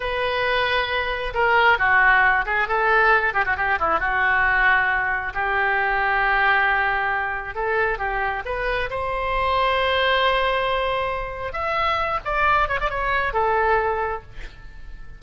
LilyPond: \new Staff \with { instrumentName = "oboe" } { \time 4/4 \tempo 4 = 135 b'2. ais'4 | fis'4. gis'8 a'4. g'16 fis'16 | g'8 e'8 fis'2. | g'1~ |
g'4 a'4 g'4 b'4 | c''1~ | c''2 e''4. d''8~ | d''8 cis''16 d''16 cis''4 a'2 | }